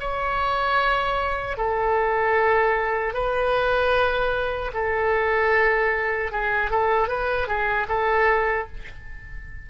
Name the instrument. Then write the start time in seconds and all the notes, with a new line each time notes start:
oboe
0.00 C#5
1.57 A4
3.14 B4
4.74 A4
6.32 G#4
6.70 A4
7.08 B4
7.47 G#4
7.88 A4